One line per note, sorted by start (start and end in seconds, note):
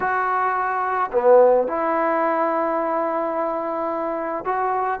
0.00 1.10 F#4
1.12 1.67 B3
1.67 4.44 E4
4.44 5.00 F#4